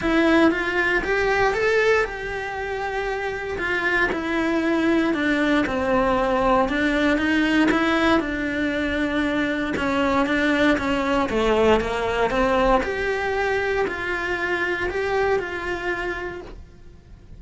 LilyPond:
\new Staff \with { instrumentName = "cello" } { \time 4/4 \tempo 4 = 117 e'4 f'4 g'4 a'4 | g'2. f'4 | e'2 d'4 c'4~ | c'4 d'4 dis'4 e'4 |
d'2. cis'4 | d'4 cis'4 a4 ais4 | c'4 g'2 f'4~ | f'4 g'4 f'2 | }